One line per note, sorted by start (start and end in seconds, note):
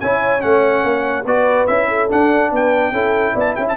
0.00 0.43 C#4
0.00 0.40 E4
0.00 1.25 C#5
0.00 0.41 G#5
0.40 0.84 A3
0.40 1.24 C#4
0.40 1.25 F#5
0.84 1.25 A#3
1.25 1.67 B3
1.25 1.68 F#4
1.25 1.88 B4
1.25 1.66 D5
1.66 2.10 C#4
1.66 2.09 E4
1.66 2.08 E5
1.88 2.51 A4
2.09 2.93 D4
2.09 2.51 D4
2.09 2.53 F#5
2.51 2.92 B3
2.51 2.92 B4
2.51 3.39 G5
2.92 3.34 C#4
2.92 3.77 E4
2.92 3.33 A4
3.33 3.56 B3
3.33 3.54 D5
3.40 3.55 A5
3.55 3.77 C#4
3.55 3.77 E5
3.55 3.65 G5
3.68 3.77 A5